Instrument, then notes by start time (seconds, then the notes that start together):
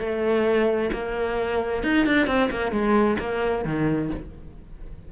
cello
0.00 A3
0.93 A#3
1.83 D#4
2.06 D4
2.27 C4
2.51 A#3
2.72 G#3
3.20 A#3
3.65 D#3